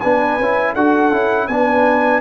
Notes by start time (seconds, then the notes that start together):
0.00 B3 D4 B4 G#5
0.39 C#4 E4
0.73 D4 F#4 A4 F#5
1.12 C#4 E4
1.47 B3 D4 B4 G#5